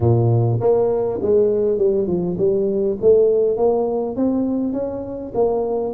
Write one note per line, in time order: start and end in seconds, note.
0.00 0.59 A#2
0.60 1.19 A#3
1.22 1.78 G#3
1.78 2.07 G3
2.07 2.36 F3
2.38 2.97 G3
3.01 3.56 A3
3.56 4.16 A#3
4.16 4.72 C4
4.72 5.32 C#4
5.34 5.93 A#3